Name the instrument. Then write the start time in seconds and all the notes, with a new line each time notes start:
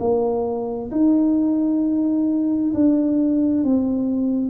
tuba
0.00 A#3
0.92 D#4
2.74 D4
3.64 C4